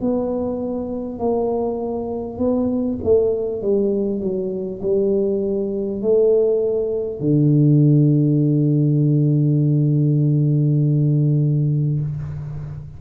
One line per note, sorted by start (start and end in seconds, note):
0.00 1.18 B3
1.18 2.37 A#3
2.37 2.97 B3
3.03 3.62 A3
3.62 4.21 G3
4.21 4.81 F#3
4.82 6.01 G3
6.01 7.19 A3
7.19 11.99 D3